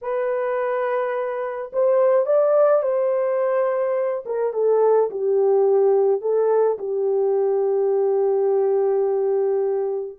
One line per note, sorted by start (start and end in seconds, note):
0.01 1.71 B4
1.72 2.26 C5
2.26 2.82 D5
2.82 4.23 C5
4.25 4.53 A#4
4.53 5.09 A4
5.10 6.21 G4
6.21 6.77 A4
6.78 10.17 G4